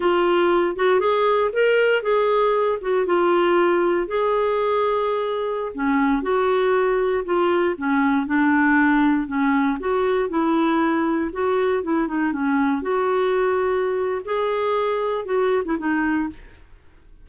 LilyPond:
\new Staff \with { instrumentName = "clarinet" } { \time 4/4 \tempo 4 = 118 f'4. fis'8 gis'4 ais'4 | gis'4. fis'8 f'2 | gis'2.~ gis'16 cis'8.~ | cis'16 fis'2 f'4 cis'8.~ |
cis'16 d'2 cis'4 fis'8.~ | fis'16 e'2 fis'4 e'8 dis'16~ | dis'16 cis'4 fis'2~ fis'8. | gis'2 fis'8. e'16 dis'4 | }